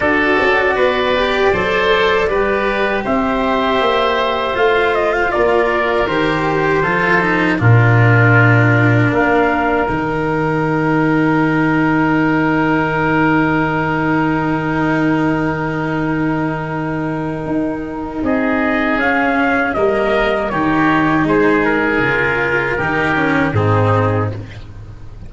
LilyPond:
<<
  \new Staff \with { instrumentName = "trumpet" } { \time 4/4 \tempo 4 = 79 d''1 | e''2 f''8 dis''16 f''16 d''4 | c''2 ais'2 | f''4 g''2.~ |
g''1~ | g''1 | dis''4 f''4 dis''4 cis''4 | c''8 ais'2~ ais'8 gis'4 | }
  \new Staff \with { instrumentName = "oboe" } { \time 4/4 a'4 b'4 c''4 b'4 | c''2. ais'4~ | ais'4 a'4 f'2 | ais'1~ |
ais'1~ | ais'1 | gis'2 ais'4 g'4 | gis'2 g'4 dis'4 | }
  \new Staff \with { instrumentName = "cello" } { \time 4/4 fis'4. g'8 a'4 g'4~ | g'2 f'2 | g'4 f'8 dis'8 d'2~ | d'4 dis'2.~ |
dis'1~ | dis'1~ | dis'4 cis'4 ais4 dis'4~ | dis'4 f'4 dis'8 cis'8 c'4 | }
  \new Staff \with { instrumentName = "tuba" } { \time 4/4 d'8 cis'8 b4 fis4 g4 | c'4 ais4 a4 ais4 | dis4 f4 ais,2 | ais4 dis2.~ |
dis1~ | dis2. dis'4 | c'4 cis'4 g4 dis4 | gis4 cis4 dis4 gis,4 | }
>>